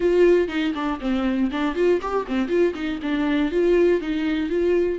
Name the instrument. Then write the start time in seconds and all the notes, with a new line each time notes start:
viola
0.00 F4
0.47 D#4
0.74 D4
1.00 C4
1.51 D4
1.75 F4
2.01 G4
2.27 C4
2.48 F4
2.74 D#4
3.02 D4
3.51 F4
4.00 D#4
4.49 F4